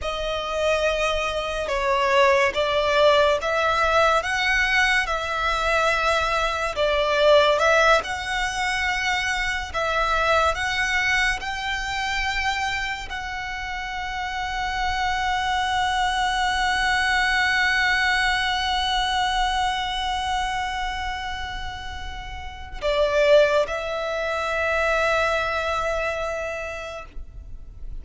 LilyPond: \new Staff \with { instrumentName = "violin" } { \time 4/4 \tempo 4 = 71 dis''2 cis''4 d''4 | e''4 fis''4 e''2 | d''4 e''8 fis''2 e''8~ | e''8 fis''4 g''2 fis''8~ |
fis''1~ | fis''1~ | fis''2. d''4 | e''1 | }